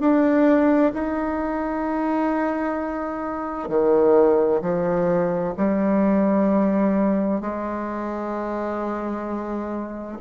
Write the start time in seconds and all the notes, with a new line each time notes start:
0.00 D4
0.93 D#4
3.69 D#3
4.62 F3
5.57 G3
7.41 G#3